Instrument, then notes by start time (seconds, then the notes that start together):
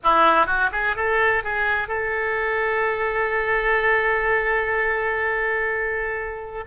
oboe
0.03 E4
0.46 F#4
0.72 G#4
0.95 A4
1.43 G#4
1.88 A4